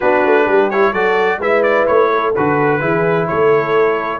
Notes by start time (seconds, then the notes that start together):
0.00 B3 D4 F#4 B4
0.25 A3
0.44 G3 G4
0.70 E4 C#5
0.92 F#3 F#4 A4 D5
1.38 G#3 E4 B4 E5
1.62 D5
1.87 A3 C#5
2.11 A4
2.35 D3 F#4 B4
2.80 E3 E4 G#4
3.27 A3 A4 C#5